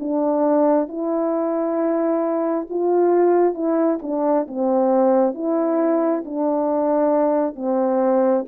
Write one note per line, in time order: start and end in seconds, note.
0.00 0.88 D4
0.88 2.67 E4
2.70 3.55 F4
3.55 3.99 E4
4.03 4.47 D4
4.48 5.34 C4
5.34 6.24 E4
6.26 7.56 D4
7.56 8.45 C4